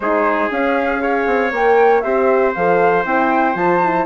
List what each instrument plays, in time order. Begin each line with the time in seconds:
0.00 bassoon G#3, horn D#4, trumpet G#4, flute C5
0.50 horn C#4, bassoon C#4, flute F5
0.98 horn G#4, trumpet C#5
1.26 bassoon C4
1.51 bassoon A#3, horn A#4, flute G5
2.00 bassoon C4, horn G4, trumpet C5, flute E5
2.54 bassoon F3, horn A4, flute F5
3.04 bassoon C4, horn E4, flute G5
3.54 bassoon F3, horn F4, flute A5
3.83 horn E4